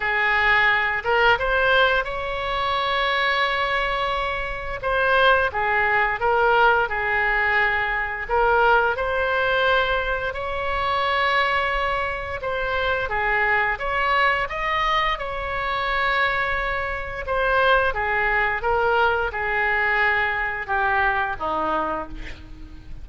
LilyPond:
\new Staff \with { instrumentName = "oboe" } { \time 4/4 \tempo 4 = 87 gis'4. ais'8 c''4 cis''4~ | cis''2. c''4 | gis'4 ais'4 gis'2 | ais'4 c''2 cis''4~ |
cis''2 c''4 gis'4 | cis''4 dis''4 cis''2~ | cis''4 c''4 gis'4 ais'4 | gis'2 g'4 dis'4 | }